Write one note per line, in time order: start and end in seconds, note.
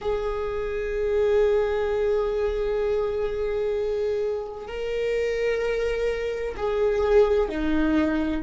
0.01 4.67 G#4
4.67 6.55 A#4
6.56 7.48 G#4
7.48 8.42 D#4